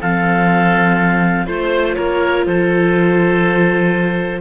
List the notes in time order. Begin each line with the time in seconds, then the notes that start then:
0.00 F3 C4 A4 F5
1.46 A3 F4 C5
1.95 A#3 A#4 C#5
2.45 F3 A4 C5